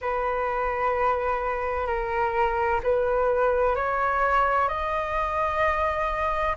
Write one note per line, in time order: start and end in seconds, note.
0.01 1.86 B4
1.86 2.80 A#4
2.83 3.75 B4
3.75 4.68 C#5
4.68 6.55 D#5